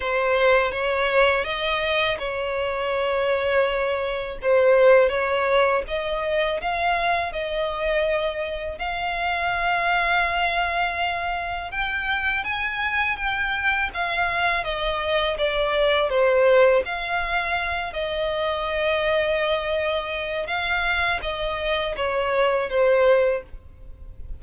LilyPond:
\new Staff \with { instrumentName = "violin" } { \time 4/4 \tempo 4 = 82 c''4 cis''4 dis''4 cis''4~ | cis''2 c''4 cis''4 | dis''4 f''4 dis''2 | f''1 |
g''4 gis''4 g''4 f''4 | dis''4 d''4 c''4 f''4~ | f''8 dis''2.~ dis''8 | f''4 dis''4 cis''4 c''4 | }